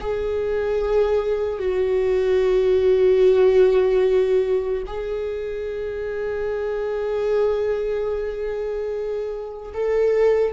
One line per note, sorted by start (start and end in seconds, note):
0.00 1.58 G#4
1.58 4.83 F#4
4.86 9.73 G#4
9.73 10.53 A4